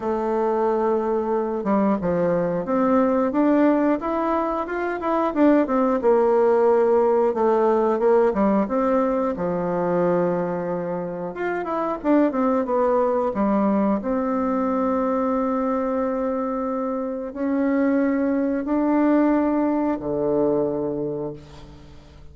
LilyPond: \new Staff \with { instrumentName = "bassoon" } { \time 4/4 \tempo 4 = 90 a2~ a8 g8 f4 | c'4 d'4 e'4 f'8 e'8 | d'8 c'8 ais2 a4 | ais8 g8 c'4 f2~ |
f4 f'8 e'8 d'8 c'8 b4 | g4 c'2.~ | c'2 cis'2 | d'2 d2 | }